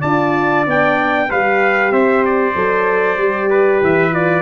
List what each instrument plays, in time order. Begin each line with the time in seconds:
0.00 tuba D4, horn F4, trumpet D5 A5
0.66 tuba B3, horn D4, trumpet G5
1.29 tuba G3, horn G4, trumpet B4 F5
1.91 tuba C4, trumpet C5 E5
2.25 trumpet D5
2.55 tuba F#3, horn A4
3.17 tuba G3, horn G4
3.50 trumpet B4
3.81 tuba E3, trumpet E5
4.12 horn F4, trumpet D5